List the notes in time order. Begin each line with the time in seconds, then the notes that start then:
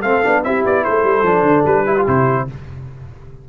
0.00 A3 C4 A4 F5
0.23 B3 D4
0.43 C4 E4 G4 E5
0.65 B3 D5
0.84 A3 A4 C5
1.03 G3
1.22 F3 D4
1.42 D3
1.65 G3 B4
1.85 E4 G4
1.97 F4
2.07 C3 E4 C5